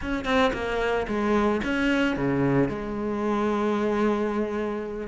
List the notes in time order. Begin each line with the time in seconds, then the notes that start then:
0.01 C#4
0.25 C4
0.53 A#3
1.07 G#3
1.64 C#4
2.16 C#3
2.68 G#3